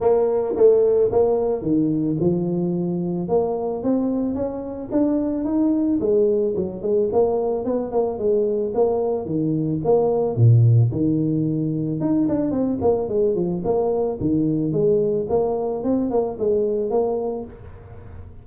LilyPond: \new Staff \with { instrumentName = "tuba" } { \time 4/4 \tempo 4 = 110 ais4 a4 ais4 dis4 | f2 ais4 c'4 | cis'4 d'4 dis'4 gis4 | fis8 gis8 ais4 b8 ais8 gis4 |
ais4 dis4 ais4 ais,4 | dis2 dis'8 d'8 c'8 ais8 | gis8 f8 ais4 dis4 gis4 | ais4 c'8 ais8 gis4 ais4 | }